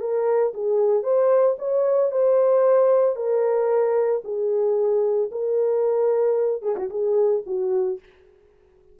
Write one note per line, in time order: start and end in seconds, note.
0.00 0.53 A#4
0.54 1.03 G#4
1.03 1.56 C5
1.59 2.11 C#5
2.11 3.16 C5
3.16 4.22 A#4
4.24 5.30 G#4
5.31 6.62 A#4
6.62 6.75 G#4
6.76 6.90 F#4
6.90 7.43 G#4
7.46 7.99 F#4